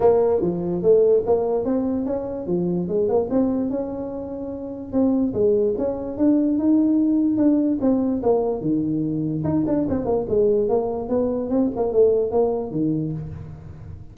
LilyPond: \new Staff \with { instrumentName = "tuba" } { \time 4/4 \tempo 4 = 146 ais4 f4 a4 ais4 | c'4 cis'4 f4 gis8 ais8 | c'4 cis'2. | c'4 gis4 cis'4 d'4 |
dis'2 d'4 c'4 | ais4 dis2 dis'8 d'8 | c'8 ais8 gis4 ais4 b4 | c'8 ais8 a4 ais4 dis4 | }